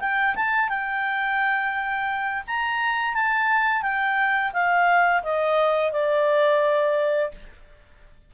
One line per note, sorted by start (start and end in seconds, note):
0.00 0.35 G5
0.35 0.69 A5
0.69 2.43 G5
2.47 3.14 A#5
3.14 3.82 A5
3.82 4.52 G5
4.53 5.23 F5
5.23 5.92 D#5
5.92 7.31 D5